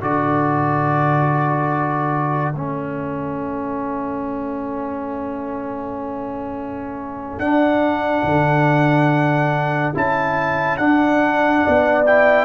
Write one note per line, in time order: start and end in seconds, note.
0.00 2.54 D3
0.00 2.54 F#4
0.00 11.62 A4
0.00 2.55 D5
2.54 7.39 A3
2.54 7.42 C#4
2.54 7.38 E5
7.38 8.23 D4
7.38 9.94 D4
7.38 9.92 F#5
8.24 9.93 D3
9.94 10.79 C#4
9.94 10.78 E4
9.94 10.77 A5
10.77 12.05 D4
10.77 11.63 D4
10.77 12.04 F#5
11.63 12.45 B3
11.63 12.45 D5
12.05 12.45 E4
12.05 12.45 G5